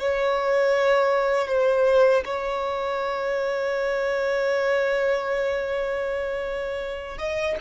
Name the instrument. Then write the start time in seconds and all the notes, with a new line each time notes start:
violin
0.00 C#5
1.48 C5
2.25 C#5
7.18 D#5